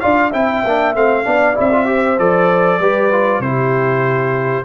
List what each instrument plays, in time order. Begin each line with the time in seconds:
0.00 tuba D4, trombone F4, horn D5, trumpet F5
0.31 tuba C4, trombone E4, horn E5, trumpet G5
0.65 tuba A#3, trombone D4
0.94 tuba A3, trombone C4, trumpet F5
1.24 tuba B3, trombone D4, horn D5
1.55 tuba C4, trombone E4, trumpet E5
1.72 trombone F4
1.86 trombone G4, horn C5
2.19 tuba F3, trombone A4, trumpet D5
2.80 tuba G3, trombone G4, horn B4
3.12 trombone F4
3.40 tuba C3, trombone E4, horn G4, trumpet C5